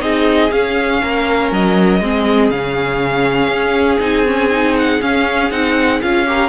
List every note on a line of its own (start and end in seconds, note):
0.00 0.51 C4
0.00 0.50 D#4
0.00 1.03 G#4
0.00 0.52 D#5
0.51 2.01 C#4
0.51 1.02 C#4
0.51 1.52 F5
1.03 1.52 A#3
1.03 2.02 A#4
1.52 2.01 F#3
1.52 2.50 D#5
2.01 2.50 G#3
2.01 2.52 C4
2.01 6.27 G#4
2.50 3.49 C#3
2.50 4.00 C#4
2.50 4.00 F5
3.49 3.99 C#4
4.00 5.00 C4
4.00 4.25 D#4
4.00 4.77 G#5
4.27 4.51 C#4
4.51 5.01 D#4
4.78 5.02 F#5
5.02 5.51 C#4
5.02 5.51 F5
5.51 6.01 C4
5.51 6.01 D#4
5.51 6.01 F#5
6.02 6.49 C#4
6.02 6.26 F4
6.02 6.49 F5
6.26 6.49 G4
6.26 6.49 A#4